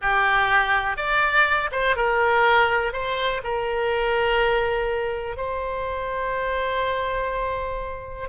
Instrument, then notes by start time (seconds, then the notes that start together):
oboe
0.01 G4
0.96 D5
1.71 C5
1.95 A#4
2.92 C5
3.43 A#4
5.36 C5